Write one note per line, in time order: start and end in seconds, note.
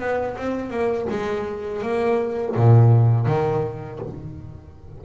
0.00 0.37 B3
0.37 0.70 C4
0.70 1.07 A#3
1.10 1.82 G#3
1.82 2.55 A#3
2.56 3.27 A#2
3.27 4.00 D#3